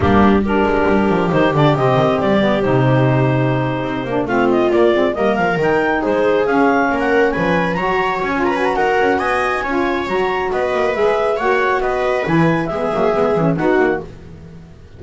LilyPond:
<<
  \new Staff \with { instrumentName = "clarinet" } { \time 4/4 \tempo 4 = 137 g'4 ais'2 c''8 d''8 | dis''4 d''4 c''2~ | c''4.~ c''16 f''8 dis''8 d''4 dis''16~ | dis''16 f''8 g''4 c''4 f''4~ f''16 |
fis''8. gis''4 ais''4 gis''8 ais''16 gis''16 ais''16 | fis''4 gis''2 ais''4 | dis''4 e''4 fis''4 dis''4 | gis''4 e''2 fis''4 | }
  \new Staff \with { instrumentName = "viola" } { \time 4/4 d'4 g'2.~ | g'1~ | g'4.~ g'16 f'2 ais'16~ | ais'4.~ ais'16 gis'2 ais'16~ |
ais'8. b'4 cis''4. b'8. | ais'4 dis''4 cis''2 | b'2 cis''4 b'4~ | b'4 gis'2 fis'4 | }
  \new Staff \with { instrumentName = "saxophone" } { \time 4/4 ais4 d'2 dis'8 d'8 | c'4. b8 dis'2~ | dis'4~ dis'16 d'8 c'4 ais8 c'8 ais16~ | ais8. dis'2 cis'4~ cis'16~ |
cis'4.~ cis'16 fis'4~ fis'16 f'8 fis'8~ | fis'2 f'4 fis'4~ | fis'4 gis'4 fis'2 | e'4 b8 ais8 b8 cis'8 dis'4 | }
  \new Staff \with { instrumentName = "double bass" } { \time 4/4 g4. gis8 g8 f8 dis8 d8 | c8 dis8 g4 c2~ | c8. c'8 ais8 a4 ais8 gis8 g16~ | g16 f8 dis4 gis4 cis'4 ais16~ |
ais8. f4 fis4 cis'4~ cis'16 | dis'8 cis'8 b4 cis'4 fis4 | b8 ais8 gis4 ais4 b4 | e4 gis8 fis8 gis8 e8 b8 ais8 | }
>>